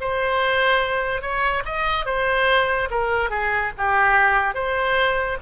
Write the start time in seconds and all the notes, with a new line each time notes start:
0.00 C5
1.21 C#5
1.65 D#5
2.05 C5
2.91 A#4
3.30 G#4
3.78 G4
4.54 C5